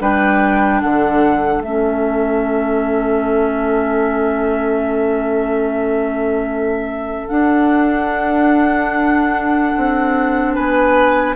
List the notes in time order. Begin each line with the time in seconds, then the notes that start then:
0.00 G3 D4 B4 G5
0.81 D3 A4 F#5
1.58 A3 E5
1.66 C#4
7.28 D4 F#5
9.77 C4
10.54 B3 B4 G#5